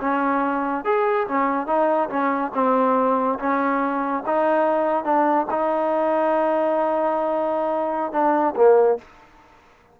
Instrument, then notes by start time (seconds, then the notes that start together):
trombone
0.00 C#4
0.85 G#4
1.27 C#4
1.67 D#4
2.09 C#4
2.54 C4
3.39 C#4
4.26 D#4
5.04 D4
5.50 D#4
8.12 D4
8.56 A#3